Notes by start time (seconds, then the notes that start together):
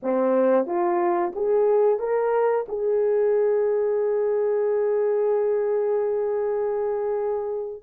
0.02 C4
0.65 F4
1.35 G#4
1.99 A#4
2.68 G#4